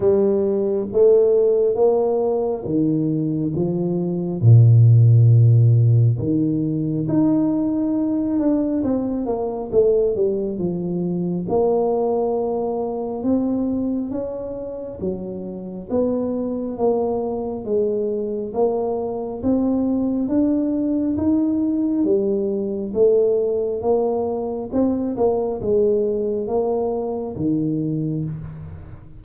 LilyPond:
\new Staff \with { instrumentName = "tuba" } { \time 4/4 \tempo 4 = 68 g4 a4 ais4 dis4 | f4 ais,2 dis4 | dis'4. d'8 c'8 ais8 a8 g8 | f4 ais2 c'4 |
cis'4 fis4 b4 ais4 | gis4 ais4 c'4 d'4 | dis'4 g4 a4 ais4 | c'8 ais8 gis4 ais4 dis4 | }